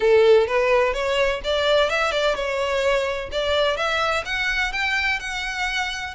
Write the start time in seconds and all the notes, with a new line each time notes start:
0.00 A4
0.47 B4
0.93 C#5
1.44 D5
1.89 E5
2.11 D5
2.35 C#5
3.31 D5
3.76 E5
4.25 F#5
4.72 G5
5.19 F#5